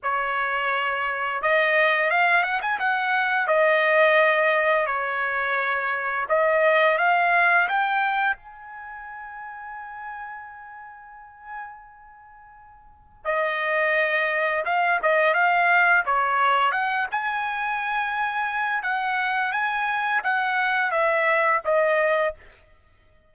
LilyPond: \new Staff \with { instrumentName = "trumpet" } { \time 4/4 \tempo 4 = 86 cis''2 dis''4 f''8 fis''16 gis''16 | fis''4 dis''2 cis''4~ | cis''4 dis''4 f''4 g''4 | gis''1~ |
gis''2. dis''4~ | dis''4 f''8 dis''8 f''4 cis''4 | fis''8 gis''2~ gis''8 fis''4 | gis''4 fis''4 e''4 dis''4 | }